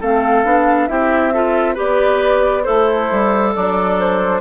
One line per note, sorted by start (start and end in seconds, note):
0.00 0.44 A3
0.00 0.44 C4
0.00 0.88 A4
0.00 0.87 F5
0.44 0.88 B3
0.44 0.88 D4
0.87 1.78 C4
0.87 1.32 E4
0.87 1.33 G4
0.87 1.75 E5
1.33 1.75 F4
1.33 1.74 A4
1.74 2.67 B3
1.74 2.63 G4
1.74 2.62 B4
1.74 2.63 D5
2.63 3.11 A3
2.63 3.53 E4
2.63 4.40 A4
2.63 3.51 C5
3.11 3.55 G3
3.55 4.40 F#3
3.55 4.40 D4
3.55 3.99 D5
3.99 4.40 C5